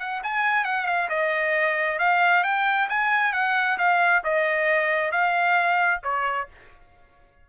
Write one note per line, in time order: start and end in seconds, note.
0.00 0.22 F#5
0.24 0.65 G#5
0.65 0.87 F#5
0.87 1.09 F5
1.10 1.99 D#5
1.99 2.44 F5
2.44 2.89 G5
2.90 3.33 G#5
3.33 3.78 F#5
3.79 4.23 F5
4.25 5.12 D#5
5.12 6.01 F5
6.03 6.48 C#5